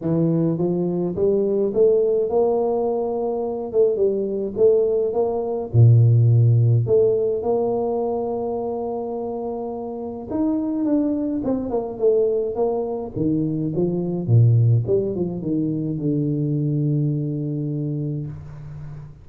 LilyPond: \new Staff \with { instrumentName = "tuba" } { \time 4/4 \tempo 4 = 105 e4 f4 g4 a4 | ais2~ ais8 a8 g4 | a4 ais4 ais,2 | a4 ais2.~ |
ais2 dis'4 d'4 | c'8 ais8 a4 ais4 dis4 | f4 ais,4 g8 f8 dis4 | d1 | }